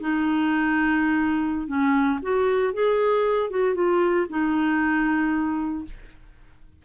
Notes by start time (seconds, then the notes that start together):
0.00 D#4
1.68 C#4
2.22 F#4
2.73 G#4
3.50 F#4
3.75 F4
4.30 D#4